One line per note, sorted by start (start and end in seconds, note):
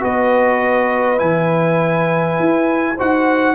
0.00 1.21 B3
0.00 1.17 F#4
0.00 2.96 B4
0.00 1.19 D#5
1.17 2.39 E3
1.17 2.96 E4
1.17 2.97 G#5
2.39 2.99 E4
2.96 3.55 D#4
2.96 3.55 F#4
2.96 3.55 C5
2.96 3.55 F#5